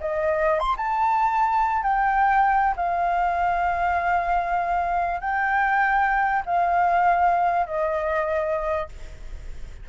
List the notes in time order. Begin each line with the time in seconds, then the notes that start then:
0.00 D#5
0.60 C6
0.77 A5
1.83 G5
2.76 F5
5.20 G5
6.46 F5
7.66 D#5